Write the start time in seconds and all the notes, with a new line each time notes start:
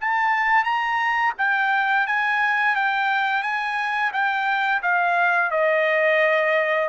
0.00 A5
0.64 A#5
1.38 G5
2.07 G#5
2.75 G5
3.42 G#5
4.12 G5
4.82 F5
5.50 D#5